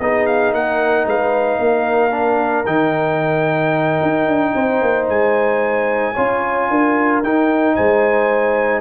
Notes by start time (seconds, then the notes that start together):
0.00 B3 D#4 G#4 D#5
0.27 F5
0.53 A#3 A#4 F#5
1.06 G#3 B4 F5
1.60 A#3 A#4
2.12 D4
2.66 D#3 D#4 G5
4.03 D#4
4.28 D4
4.55 C4 C5
4.82 A#3
5.09 G#3 G#5
6.14 C#4 F4 C#5
6.70 D4 A#4
7.23 D#4 G5
7.76 G#3 C5 G#5